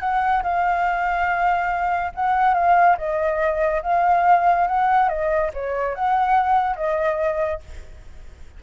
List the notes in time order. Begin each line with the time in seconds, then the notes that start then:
0.00 F#5
0.43 F5
2.15 F#5
2.54 F5
2.98 D#5
3.82 F5
4.67 F#5
5.09 D#5
5.54 C#5
5.95 F#5
6.76 D#5